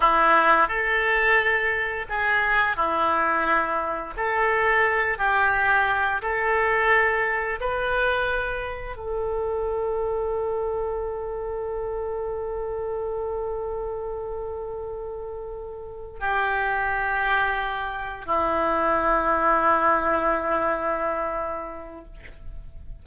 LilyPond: \new Staff \with { instrumentName = "oboe" } { \time 4/4 \tempo 4 = 87 e'4 a'2 gis'4 | e'2 a'4. g'8~ | g'4 a'2 b'4~ | b'4 a'2.~ |
a'1~ | a'2.~ a'8 g'8~ | g'2~ g'8 e'4.~ | e'1 | }